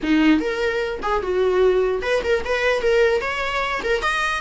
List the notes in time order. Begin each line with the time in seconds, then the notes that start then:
0.02 D#4
0.40 A#4
1.02 G#4
1.22 F#4
2.02 B4
2.23 A#4
2.44 B4
2.81 A#4
3.21 C#5
3.83 A#4
4.02 D#5